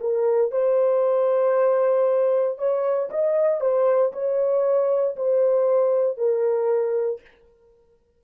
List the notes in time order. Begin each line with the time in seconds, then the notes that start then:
0.00 A#4
0.51 C5
2.58 C#5
3.10 D#5
3.61 C5
4.12 C#5
5.16 C5
6.17 A#4